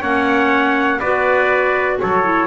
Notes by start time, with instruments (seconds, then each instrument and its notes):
0.00 double bass A#3, clarinet C#4, trumpet C#5 F#5
0.99 double bass B3, clarinet F#4, trumpet B4 D5
2.00 double bass F#3, trumpet A4 C#5
2.23 clarinet E4